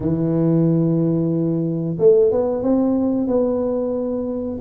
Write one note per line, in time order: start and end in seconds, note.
0.00 1.97 E3
1.98 2.31 A3
2.31 2.63 B3
2.63 3.27 C4
3.27 4.59 B3